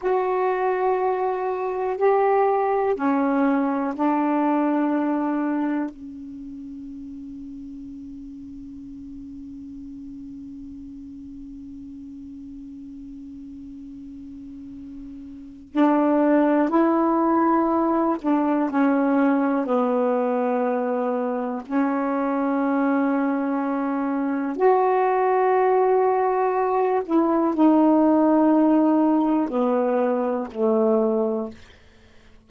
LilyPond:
\new Staff \with { instrumentName = "saxophone" } { \time 4/4 \tempo 4 = 61 fis'2 g'4 cis'4 | d'2 cis'2~ | cis'1~ | cis'1 |
d'4 e'4. d'8 cis'4 | b2 cis'2~ | cis'4 fis'2~ fis'8 e'8 | dis'2 b4 a4 | }